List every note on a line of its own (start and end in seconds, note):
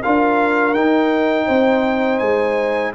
0.00 0.76 F4
0.00 1.46 A#4
0.00 0.74 F5
0.07 0.75 D4
0.74 1.48 D#4
0.74 2.95 D#4
0.74 2.19 G5
1.46 2.21 C4
1.46 2.92 C5
2.19 2.94 G#3
2.19 2.92 G#5